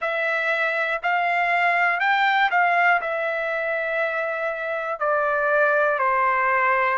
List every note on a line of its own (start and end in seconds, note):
0.00 1.00 E5
1.02 2.00 F5
2.00 2.50 G5
2.50 3.00 F5
3.01 4.99 E5
4.99 5.98 D5
5.98 6.98 C5